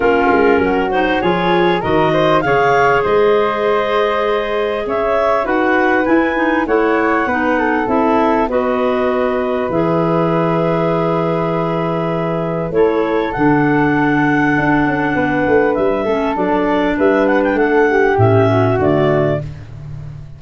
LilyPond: <<
  \new Staff \with { instrumentName = "clarinet" } { \time 4/4 \tempo 4 = 99 ais'4. c''8 cis''4 dis''4 | f''4 dis''2. | e''4 fis''4 gis''4 fis''4~ | fis''4 e''4 dis''2 |
e''1~ | e''4 cis''4 fis''2~ | fis''2 e''4 d''4 | e''8 fis''16 g''16 fis''4 e''4 d''4 | }
  \new Staff \with { instrumentName = "flute" } { \time 4/4 f'4 fis'4 gis'4 ais'8 c''8 | cis''4 c''2. | cis''4 b'2 cis''4 | b'8 a'4. b'2~ |
b'1~ | b'4 a'2.~ | a'4 b'4. a'4. | b'4 a'8 g'4 fis'4. | }
  \new Staff \with { instrumentName = "clarinet" } { \time 4/4 cis'4. dis'8 f'4 fis'4 | gis'1~ | gis'4 fis'4 e'8 dis'8 e'4 | dis'4 e'4 fis'2 |
gis'1~ | gis'4 e'4 d'2~ | d'2~ d'8 cis'8 d'4~ | d'2 cis'4 a4 | }
  \new Staff \with { instrumentName = "tuba" } { \time 4/4 ais8 gis8 fis4 f4 dis4 | cis4 gis2. | cis'4 dis'4 e'4 a4 | b4 c'4 b2 |
e1~ | e4 a4 d2 | d'8 cis'8 b8 a8 g8 a8 fis4 | g4 a4 a,4 d4 | }
>>